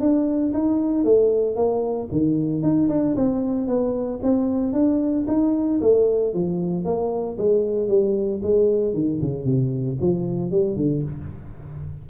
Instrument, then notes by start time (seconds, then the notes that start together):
tuba
0.00 D4
0.53 D#4
1.04 A3
1.56 A#3
2.11 D#3
2.62 D#4
2.89 D4
3.16 C4
3.67 B3
4.23 C4
4.73 D4
5.27 D#4
5.81 A3
6.34 F3
6.84 A#3
7.38 G#3
7.88 G3
8.42 G#3
8.94 D#3
9.21 C#3
9.45 C3
10.00 F3
10.51 G3
10.76 D3